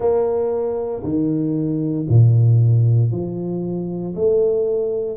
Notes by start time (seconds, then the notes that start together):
0.00 A#3
1.03 D#3
2.08 A#2
3.11 F3
4.15 A3